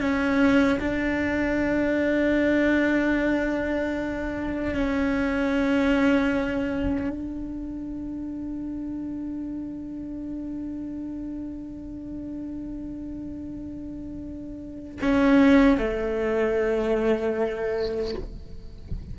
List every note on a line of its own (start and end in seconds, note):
0.00 0.79 C#4
0.80 4.74 D4
4.74 7.09 C#4
7.09 14.99 D4
15.01 15.78 C#4
15.78 18.14 A3